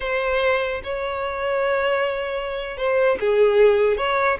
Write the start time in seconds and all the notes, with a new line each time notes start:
0.00 C5
0.83 C#5
2.77 C5
3.19 G#4
3.97 C#5